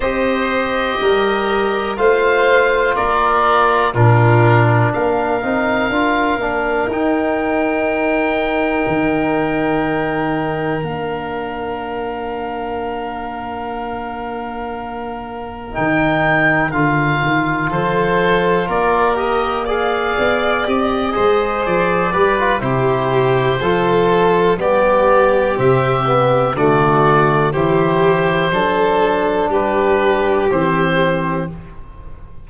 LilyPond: <<
  \new Staff \with { instrumentName = "oboe" } { \time 4/4 \tempo 4 = 61 dis''2 f''4 d''4 | ais'4 f''2 g''4~ | g''2. f''4~ | f''1 |
g''4 f''4 c''4 d''8 dis''8 | f''4 dis''4 d''4 c''4~ | c''4 d''4 e''4 d''4 | c''2 b'4 c''4 | }
  \new Staff \with { instrumentName = "violin" } { \time 4/4 c''4 ais'4 c''4 ais'4 | f'4 ais'2.~ | ais'1~ | ais'1~ |
ais'2 a'4 ais'4 | d''4. c''4 b'8 g'4 | a'4 g'2 fis'4 | g'4 a'4 g'2 | }
  \new Staff \with { instrumentName = "trombone" } { \time 4/4 g'2 f'2 | d'4. dis'8 f'8 d'8 dis'4~ | dis'2. d'4~ | d'1 |
dis'4 f'2~ f'8 g'8 | gis'4 g'8 gis'4 g'16 f'16 e'4 | f'4 b4 c'8 b8 a4 | e'4 d'2 c'4 | }
  \new Staff \with { instrumentName = "tuba" } { \time 4/4 c'4 g4 a4 ais4 | ais,4 ais8 c'8 d'8 ais8 dis'4~ | dis'4 dis2 ais4~ | ais1 |
dis4 d8 dis8 f4 ais4~ | ais8 b8 c'8 gis8 f8 g8 c4 | f4 g4 c4 d4 | e4 fis4 g4 e4 | }
>>